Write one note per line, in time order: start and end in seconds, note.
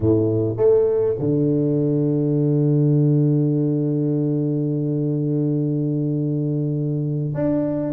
0.00 0.56 A2
0.56 1.15 A3
1.18 7.33 D3
7.33 7.92 D4